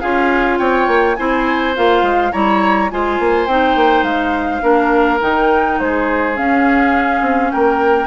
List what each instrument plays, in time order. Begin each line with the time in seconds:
0.00 bassoon C#4, clarinet F4, oboe G#4, flute F5
0.58 bassoon C4, oboe C#5, flute G5
0.87 bassoon A#3
1.16 bassoon C4, clarinet E4, oboe C5, flute G#5
1.75 bassoon A#3, clarinet F4, flute F5
2.02 bassoon G#3
2.32 bassoon G3, clarinet E4, oboe C#5, flute A#5
2.90 bassoon G#3, clarinet F4, oboe C5, flute G#5
3.19 bassoon A#3
3.47 bassoon C4, clarinet D#4, flute G5
3.75 bassoon A#3
4.03 bassoon G#3, flute F5
4.61 bassoon A#3, clarinet D4, oboe A#4
5.20 bassoon D#3, clarinet D#4, flute G5
5.79 bassoon G#3, oboe G#4, flute C5
6.35 clarinet C#4, bassoon C#4, flute F5
7.21 bassoon C4
7.51 bassoon A#3, oboe A#4, flute G5